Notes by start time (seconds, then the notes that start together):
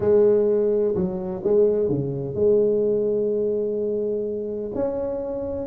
0.00 G#3
0.95 F#3
1.43 G#3
1.88 C#3
2.35 G#3
4.74 C#4